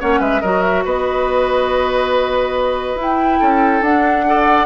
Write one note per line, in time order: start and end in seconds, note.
0.00 0.20 A#3
0.00 0.43 C#4
0.00 0.20 C#5
0.00 0.21 F#5
0.20 0.41 G#3
0.20 0.41 B4
0.20 0.41 E5
0.41 0.85 F#3
0.41 2.98 F#4
0.41 0.84 A#4
0.41 0.62 D#5
0.62 0.84 E5
0.85 2.95 B3
0.85 3.40 B4
0.85 3.00 D#5
2.95 3.38 E4
2.95 3.84 E4
2.95 3.83 G5
3.40 3.81 C#4
3.40 4.25 A4
3.81 4.66 D4
3.81 4.26 D4
3.81 4.66 F#5
4.26 4.66 A4
4.26 4.66 D5